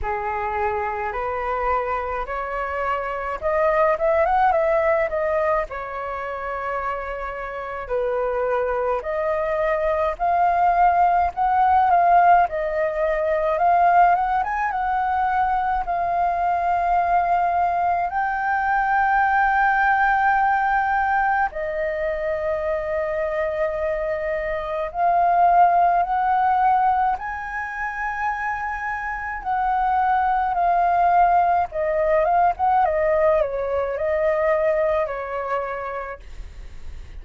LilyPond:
\new Staff \with { instrumentName = "flute" } { \time 4/4 \tempo 4 = 53 gis'4 b'4 cis''4 dis''8 e''16 fis''16 | e''8 dis''8 cis''2 b'4 | dis''4 f''4 fis''8 f''8 dis''4 | f''8 fis''16 gis''16 fis''4 f''2 |
g''2. dis''4~ | dis''2 f''4 fis''4 | gis''2 fis''4 f''4 | dis''8 f''16 fis''16 dis''8 cis''8 dis''4 cis''4 | }